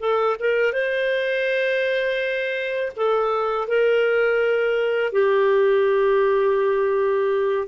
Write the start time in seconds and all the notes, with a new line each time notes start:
0.00 A4
0.40 A#4
0.73 C5
2.97 A4
3.68 A#4
5.13 G4